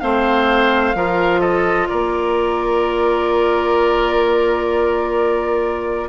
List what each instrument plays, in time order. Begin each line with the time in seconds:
0.00 bassoon A3, clarinet C4, oboe C5, flute F5
0.94 bassoon F3, clarinet F4, oboe A#4
1.40 oboe A4, flute D#5
1.88 bassoon A#3, oboe A#4, flute D5